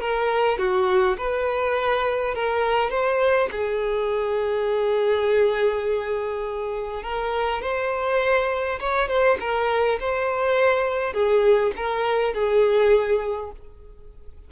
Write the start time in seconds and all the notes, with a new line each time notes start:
0.00 A#4
0.58 F#4
1.17 B4
2.34 A#4
2.90 C5
3.51 G#4
7.03 A#4
7.62 C5
8.80 C#5
9.08 C5
9.40 A#4
9.99 C5
11.13 G#4
11.76 A#4
12.33 G#4